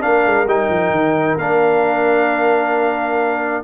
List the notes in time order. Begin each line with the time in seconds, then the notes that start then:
0.00 A#3 D4 A#4 F5
0.25 G#3
0.45 G3 D#4 G5
0.68 F3
0.90 D#3
1.37 A#3 D4 F5